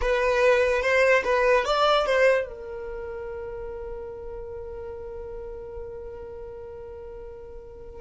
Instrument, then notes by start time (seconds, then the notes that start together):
violin
0.01 B4
0.82 C5
1.24 B4
1.65 D5
2.05 C5
2.47 A#4